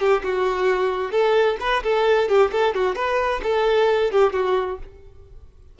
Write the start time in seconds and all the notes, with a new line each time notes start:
0.00 G4
0.23 F#4
1.12 A4
1.60 B4
1.83 A4
2.29 G4
2.52 A4
2.75 F#4
2.96 B4
3.43 A4
4.12 G4
4.33 F#4